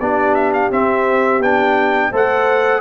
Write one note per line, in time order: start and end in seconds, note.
0.00 0.71 B3
0.00 0.72 D4
0.00 2.11 G4
0.00 0.35 D5
0.35 0.53 E5
0.54 0.71 F5
0.71 1.40 C4
0.71 1.42 C4
0.71 1.43 E5
1.40 2.10 B3
1.40 2.12 D4
1.40 2.13 G5
2.11 2.82 A3
2.11 2.82 A4
2.11 2.82 C5
2.11 2.82 F#5